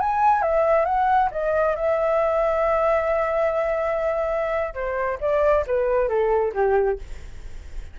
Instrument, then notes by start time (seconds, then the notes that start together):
flute
0.00 G#5
0.42 E5
0.85 F#5
1.31 D#5
1.76 E5
4.74 C5
5.20 D5
5.67 B4
6.08 A4
6.54 G4